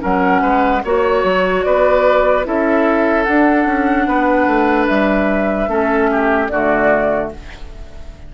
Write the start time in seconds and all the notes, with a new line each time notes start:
0.00 F#3 C#4 A#4 F#5
0.41 G#3 B4
0.84 A#3 F#4 C#5
1.23 F#3
1.63 B3 B4 D5
2.44 C#4 E4 A4 E5
3.23 D4 F#5
3.66 C#4
4.07 B3 B4
4.46 A3
4.86 G3 E5
5.68 A3 C#4 A4
6.11 G4
6.47 D3 A3 F#4 D5